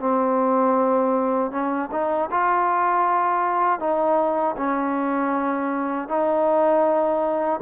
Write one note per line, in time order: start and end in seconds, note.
0.00 1.52 C4
1.52 1.90 C#4
1.92 2.30 D#4
2.31 3.80 F4
3.80 4.56 D#4
4.57 6.09 C#4
6.09 7.61 D#4